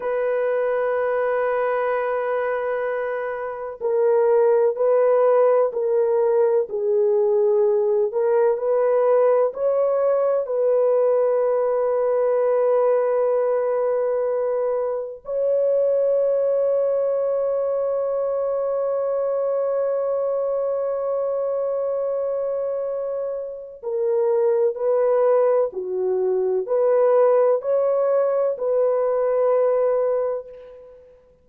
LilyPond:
\new Staff \with { instrumentName = "horn" } { \time 4/4 \tempo 4 = 63 b'1 | ais'4 b'4 ais'4 gis'4~ | gis'8 ais'8 b'4 cis''4 b'4~ | b'1 |
cis''1~ | cis''1~ | cis''4 ais'4 b'4 fis'4 | b'4 cis''4 b'2 | }